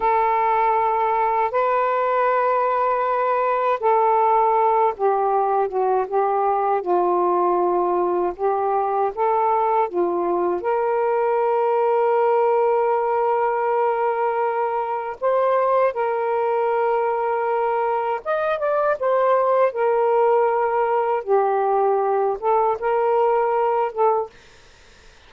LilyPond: \new Staff \with { instrumentName = "saxophone" } { \time 4/4 \tempo 4 = 79 a'2 b'2~ | b'4 a'4. g'4 fis'8 | g'4 f'2 g'4 | a'4 f'4 ais'2~ |
ais'1 | c''4 ais'2. | dis''8 d''8 c''4 ais'2 | g'4. a'8 ais'4. a'8 | }